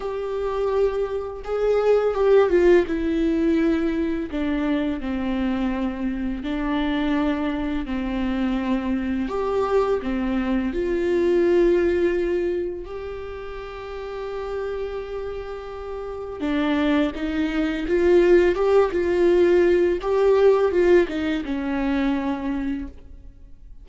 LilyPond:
\new Staff \with { instrumentName = "viola" } { \time 4/4 \tempo 4 = 84 g'2 gis'4 g'8 f'8 | e'2 d'4 c'4~ | c'4 d'2 c'4~ | c'4 g'4 c'4 f'4~ |
f'2 g'2~ | g'2. d'4 | dis'4 f'4 g'8 f'4. | g'4 f'8 dis'8 cis'2 | }